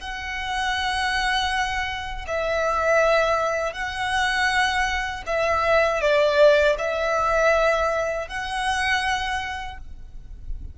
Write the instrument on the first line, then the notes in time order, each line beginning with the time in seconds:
violin
0.00 F#5
2.27 E5
3.72 F#5
5.26 E5
6.01 D5
6.78 E5
8.27 F#5